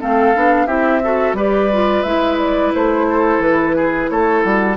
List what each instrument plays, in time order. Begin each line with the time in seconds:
0.00 bassoon A3, clarinet C4, oboe A4, flute F5
0.35 bassoon B3, clarinet D4
0.66 bassoon C4, clarinet E4, oboe G4, flute E5
1.04 clarinet F#4, oboe A4
1.33 bassoon G3, clarinet G4, oboe B4, flute D5
1.73 clarinet F4
2.02 bassoon G#3, clarinet E4, flute E5
2.38 flute D5
2.75 bassoon A3, flute C5
3.10 oboe A4
3.39 bassoon E3, flute B4
3.76 oboe G#4
4.10 bassoon A3, oboe A4, flute C#5
4.42 bassoon G3, flute F#4